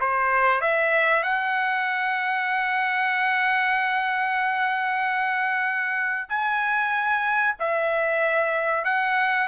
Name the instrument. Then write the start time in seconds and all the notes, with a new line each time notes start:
trumpet
0.00 C5
0.61 E5
1.23 F#5
6.29 G#5
7.59 E5
8.84 F#5